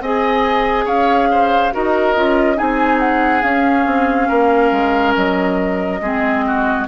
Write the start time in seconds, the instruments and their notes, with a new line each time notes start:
0.00 bassoon C4, clarinet G#4, oboe D#5, flute G#5
0.85 bassoon C#4, oboe C#5, flute F5
1.30 oboe C5
1.72 bassoon D#4, clarinet F#4, oboe A#4, flute D#5
2.15 bassoon C#4, clarinet F4
2.55 bassoon C4, clarinet D#4, oboe G#4, flute G#5
2.99 flute F#5
3.42 bassoon C#4, clarinet C#4, flute F5
3.86 bassoon C4
4.28 bassoon A#3, oboe A#4
4.71 bassoon G#3
5.16 bassoon F#3, flute D#5
6.01 bassoon G#3, clarinet C4, oboe G#4
6.46 oboe F#4